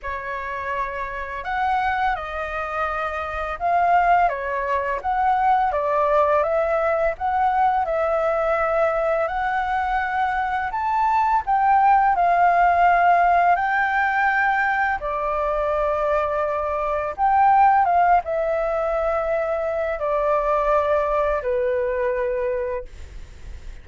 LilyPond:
\new Staff \with { instrumentName = "flute" } { \time 4/4 \tempo 4 = 84 cis''2 fis''4 dis''4~ | dis''4 f''4 cis''4 fis''4 | d''4 e''4 fis''4 e''4~ | e''4 fis''2 a''4 |
g''4 f''2 g''4~ | g''4 d''2. | g''4 f''8 e''2~ e''8 | d''2 b'2 | }